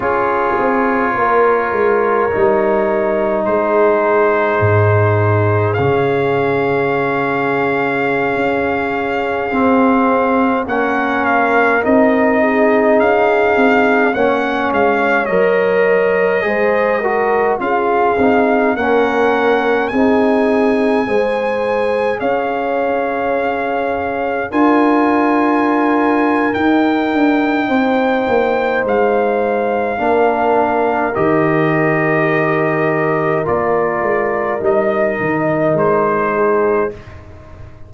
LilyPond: <<
  \new Staff \with { instrumentName = "trumpet" } { \time 4/4 \tempo 4 = 52 cis''2. c''4~ | c''4 f''2.~ | f''4~ f''16 fis''8 f''8 dis''4 f''8.~ | f''16 fis''8 f''8 dis''2 f''8.~ |
f''16 fis''4 gis''2 f''8.~ | f''4~ f''16 gis''4.~ gis''16 g''4~ | g''4 f''2 dis''4~ | dis''4 d''4 dis''4 c''4 | }
  \new Staff \with { instrumentName = "horn" } { \time 4/4 gis'4 ais'2 gis'4~ | gis'1~ | gis'4~ gis'16 ais'4. gis'4~ gis'16~ | gis'16 cis''2 c''8 ais'8 gis'8.~ |
gis'16 ais'4 gis'4 c''4 cis''8.~ | cis''4~ cis''16 ais'2~ ais'8. | c''2 ais'2~ | ais'2.~ ais'8 gis'8 | }
  \new Staff \with { instrumentName = "trombone" } { \time 4/4 f'2 dis'2~ | dis'4 cis'2.~ | cis'16 c'4 cis'4 dis'4.~ dis'16~ | dis'16 cis'4 ais'4 gis'8 fis'8 f'8 dis'16~ |
dis'16 cis'4 dis'4 gis'4.~ gis'16~ | gis'4~ gis'16 f'4.~ f'16 dis'4~ | dis'2 d'4 g'4~ | g'4 f'4 dis'2 | }
  \new Staff \with { instrumentName = "tuba" } { \time 4/4 cis'8 c'8 ais8 gis8 g4 gis4 | gis,4 cis2~ cis16 cis'8.~ | cis'16 c'4 ais4 c'4 cis'8 c'16~ | c'16 ais8 gis8 fis4 gis4 cis'8 c'16~ |
c'16 ais4 c'4 gis4 cis'8.~ | cis'4~ cis'16 d'4.~ d'16 dis'8 d'8 | c'8 ais8 gis4 ais4 dis4~ | dis4 ais8 gis8 g8 dis8 gis4 | }
>>